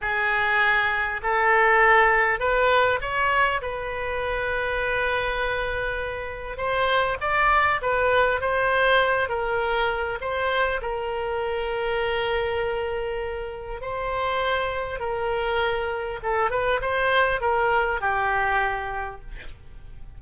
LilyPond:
\new Staff \with { instrumentName = "oboe" } { \time 4/4 \tempo 4 = 100 gis'2 a'2 | b'4 cis''4 b'2~ | b'2. c''4 | d''4 b'4 c''4. ais'8~ |
ais'4 c''4 ais'2~ | ais'2. c''4~ | c''4 ais'2 a'8 b'8 | c''4 ais'4 g'2 | }